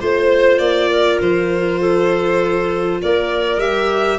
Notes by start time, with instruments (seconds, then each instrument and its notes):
0.00 tuba A3, viola F4, clarinet C5, violin C5
0.59 tuba A#3, violin D5
0.91 clarinet A#4
1.21 tuba F3, violin C5
1.80 clarinet A4
3.02 tuba A#3, clarinet A#4, violin D5
3.58 tuba G3, viola G4, violin E5